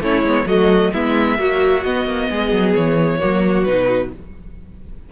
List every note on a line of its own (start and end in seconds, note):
0.00 0.22 A3
0.00 0.25 C#4
0.00 0.46 E4
0.00 0.47 C#5
0.22 0.44 G#3
0.22 0.46 B3
0.46 0.91 F#3
0.46 0.92 A3
0.46 0.91 F#4
0.46 0.93 D#5
0.93 1.38 G#3
0.93 1.38 B3
0.93 1.38 E4
0.93 1.83 E5
1.38 1.84 F#3
1.38 1.84 A#3
1.38 2.30 F#4
1.83 2.06 B3
1.83 3.20 B3
1.83 2.74 D#5
2.06 2.29 A#3
2.30 2.51 G#3
2.30 3.19 G#4
2.51 2.74 F#3
2.74 3.21 E3
2.74 3.63 C#5
3.19 3.66 F#3
3.19 3.65 A#3
3.19 4.09 F#4
3.63 4.12 B2
3.63 4.12 D#4
3.63 4.09 B4